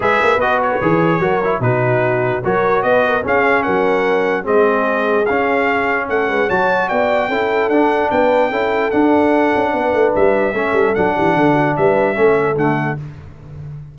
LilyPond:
<<
  \new Staff \with { instrumentName = "trumpet" } { \time 4/4 \tempo 4 = 148 e''4 dis''8 cis''2~ cis''8 | b'2 cis''4 dis''4 | f''4 fis''2 dis''4~ | dis''4 f''2 fis''4 |
a''4 g''2 fis''4 | g''2 fis''2~ | fis''4 e''2 fis''4~ | fis''4 e''2 fis''4 | }
  \new Staff \with { instrumentName = "horn" } { \time 4/4 b'2. ais'4 | fis'2 ais'4 b'8 ais'8 | gis'4 ais'2 gis'4~ | gis'2. a'8 b'8 |
cis''4 d''4 a'2 | b'4 a'2. | b'2 a'4. g'8 | a'8 fis'8 b'4 a'2 | }
  \new Staff \with { instrumentName = "trombone" } { \time 4/4 gis'4 fis'4 gis'4 fis'8 e'8 | dis'2 fis'2 | cis'2. c'4~ | c'4 cis'2. |
fis'2 e'4 d'4~ | d'4 e'4 d'2~ | d'2 cis'4 d'4~ | d'2 cis'4 a4 | }
  \new Staff \with { instrumentName = "tuba" } { \time 4/4 gis8 ais8 b4 e4 fis4 | b,2 fis4 b4 | cis'4 fis2 gis4~ | gis4 cis'2 a8 gis8 |
fis4 b4 cis'4 d'4 | b4 cis'4 d'4. cis'8 | b8 a8 g4 a8 g8 fis8 e8 | d4 g4 a4 d4 | }
>>